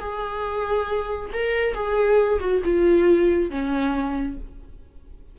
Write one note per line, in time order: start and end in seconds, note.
0.00 1.30 G#4
1.33 1.74 A#4
1.74 2.40 G#4
2.40 2.62 F#4
2.65 3.51 F4
3.51 4.38 C#4